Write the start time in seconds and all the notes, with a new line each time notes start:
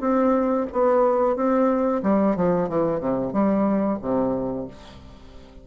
0.00 C4
0.72 B3
1.36 C4
2.03 G3
2.36 F3
2.68 E3
3.00 C3
3.32 G3
4.01 C3